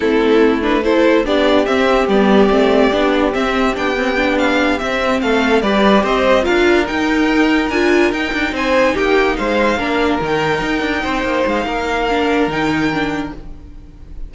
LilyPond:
<<
  \new Staff \with { instrumentName = "violin" } { \time 4/4 \tempo 4 = 144 a'4. b'8 c''4 d''4 | e''4 d''2. | e''4 g''4. f''4 e''8~ | e''8 f''4 d''4 dis''4 f''8~ |
f''8 g''2 gis''4 g''8~ | g''8 gis''4 g''4 f''4.~ | f''8 g''2. f''8~ | f''2 g''2 | }
  \new Staff \with { instrumentName = "violin" } { \time 4/4 e'2 a'4 g'4~ | g'1~ | g'1~ | g'8 a'4 b'4 c''4 ais'8~ |
ais'1~ | ais'8 c''4 g'4 c''4 ais'8~ | ais'2~ ais'8 c''4. | ais'1 | }
  \new Staff \with { instrumentName = "viola" } { \time 4/4 c'4. d'8 e'4 d'4 | c'4 b4 c'4 d'4 | c'4 d'8 c'8 d'4. c'8~ | c'4. g'2 f'8~ |
f'8 dis'2 f'4 dis'8~ | dis'2.~ dis'8 d'8~ | d'8 dis'2.~ dis'8~ | dis'4 d'4 dis'4 d'4 | }
  \new Staff \with { instrumentName = "cello" } { \time 4/4 a2. b4 | c'4 g4 a4 b4 | c'4 b2~ b8 c'8~ | c'8 a4 g4 c'4 d'8~ |
d'8 dis'2 d'4 dis'8 | d'8 c'4 ais4 gis4 ais8~ | ais8 dis4 dis'8 d'8 c'8 ais8 gis8 | ais2 dis2 | }
>>